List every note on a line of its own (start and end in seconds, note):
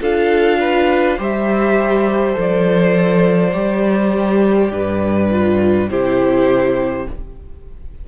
0.00 1.18 D4
0.00 1.18 F4
0.00 0.59 A4
0.00 1.20 F5
0.59 1.18 B4
1.18 2.36 G3
1.18 2.33 G4
1.18 4.71 C5
1.18 2.40 E5
2.33 3.53 F3
2.33 3.51 A4
2.40 5.90 D5
3.53 4.70 G3
3.53 5.29 G4
4.70 5.88 G2
4.70 5.89 B4
5.30 5.88 F4
5.89 7.07 C3
5.89 7.07 E4
5.89 7.07 G4
5.89 7.08 C5